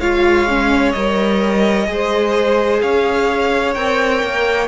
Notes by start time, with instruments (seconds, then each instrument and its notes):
0.00 cello G#3, viola F4, violin C#5 F5
0.48 viola C#4
0.92 cello G3, viola A#4, violin D#5
1.87 cello G#3, viola G#4, violin C5
2.82 cello C#4, violin C#5 F5
3.74 cello C4, viola A#4, violin G5
4.23 cello A#3